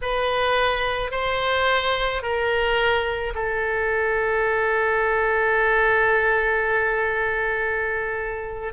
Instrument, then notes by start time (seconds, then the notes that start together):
oboe
0.01 B4
1.11 C5
2.22 A#4
3.34 A4